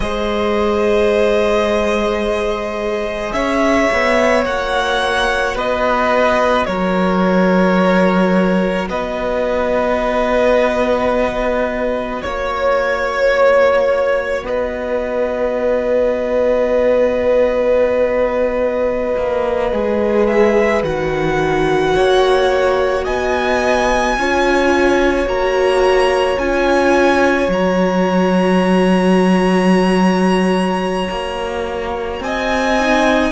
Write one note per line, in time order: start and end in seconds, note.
0.00 3.31 G#3
0.00 4.43 G#4
0.00 3.35 C5
0.00 3.32 D#5
3.32 3.88 C#4
3.32 5.55 C#5
3.32 4.44 E5
3.92 4.45 B3
4.43 5.55 A#3
4.43 19.71 F#4
4.43 5.56 F#5
5.55 6.66 B3
5.55 6.66 B4
5.55 6.65 D#5
6.65 8.89 F#3
6.65 8.89 A#4
6.65 8.87 C#5
8.89 12.23 B3
8.89 12.21 B4
8.89 12.22 D#5
12.21 14.43 A#3
12.21 14.44 C#5
12.21 14.45 C#5
14.43 19.15 B3
14.43 21.95 B4
14.43 20.26 D#5
19.16 19.72 A#3
19.72 20.83 G#3
19.72 20.83 G#4
20.26 20.82 E5
20.83 21.94 D#3
20.83 24.16 F#4
20.83 23.05 F#5
21.95 23.07 A#3
21.95 23.04 C#5
23.04 24.17 B3
23.04 24.15 D#5
23.04 25.27 G#5
24.17 25.26 C#4
24.17 25.26 F4
24.17 32.23 C#5
25.26 26.37 A#3
25.26 26.37 F#4
25.26 26.38 A#5
26.37 27.47 C#4
26.37 27.50 F4
26.37 27.50 G#5
27.47 31.09 F#3
27.47 32.78 F#4
27.47 32.22 A#5
31.09 32.20 A#3
32.20 33.31 C4
32.20 33.32 D#5
32.20 33.32 G#5
32.79 33.32 D#4